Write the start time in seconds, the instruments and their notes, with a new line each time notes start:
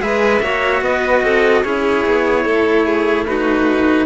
0.00 cello G#3 G#4, violin B4, trumpet E5
0.40 cello A#3 F#4, violin C#5
0.81 cello B3, violin B4, trumpet D#5
1.22 cello C4, violin A4
1.63 cello C#4 E4, violin G#4, trumpet C#5
2.05 cello B3
2.45 cello A3, violin A4
2.85 violin G#4
3.26 cello D#4, violin F#4, trumpet B4